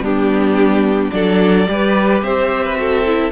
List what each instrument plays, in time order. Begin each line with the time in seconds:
0.00 cello G3, viola B3, violin D4 G4
1.11 cello F#3, viola D4, violin A4 D5
1.67 cello G3, viola G4, violin B4
2.22 cello C4, violin C5 E5
2.64 violin B4
2.76 viola F#4, violin A4
3.06 viola E4